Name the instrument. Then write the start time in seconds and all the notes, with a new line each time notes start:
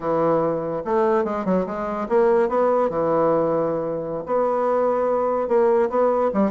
bassoon
0.00 E3
0.84 A3
1.24 G#3
1.45 F#3
1.66 G#3
2.08 A#3
2.48 B3
2.89 E3
4.26 B3
5.48 A#3
5.89 B3
6.33 G3